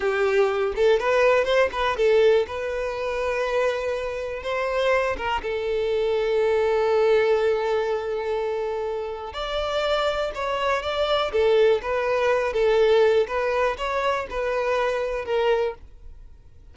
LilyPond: \new Staff \with { instrumentName = "violin" } { \time 4/4 \tempo 4 = 122 g'4. a'8 b'4 c''8 b'8 | a'4 b'2.~ | b'4 c''4. ais'8 a'4~ | a'1~ |
a'2. d''4~ | d''4 cis''4 d''4 a'4 | b'4. a'4. b'4 | cis''4 b'2 ais'4 | }